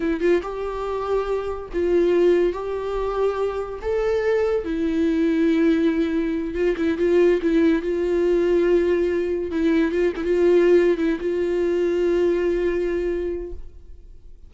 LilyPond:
\new Staff \with { instrumentName = "viola" } { \time 4/4 \tempo 4 = 142 e'8 f'8 g'2. | f'2 g'2~ | g'4 a'2 e'4~ | e'2.~ e'8 f'8 |
e'8 f'4 e'4 f'4.~ | f'2~ f'8 e'4 f'8 | e'16 f'4.~ f'16 e'8 f'4.~ | f'1 | }